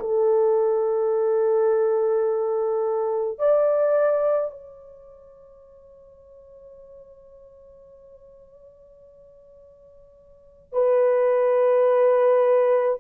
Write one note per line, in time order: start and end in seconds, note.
0.00 3.39 A4
3.39 4.51 D5
4.51 10.73 C#5
10.73 12.99 B4